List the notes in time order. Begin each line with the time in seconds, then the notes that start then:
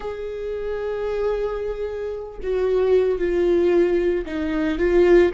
0.00 G#4
2.42 F#4
3.19 F4
4.25 D#4
4.78 F4